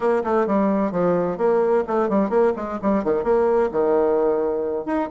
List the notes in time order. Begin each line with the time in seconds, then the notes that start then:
0.00 A#3
0.24 A3
0.46 G3
0.91 F3
1.37 A#3
1.87 A3
2.09 G3
2.29 A#3
2.56 G#3
2.82 G3
3.04 D#3
3.23 A#3
3.71 D#3
4.85 D#4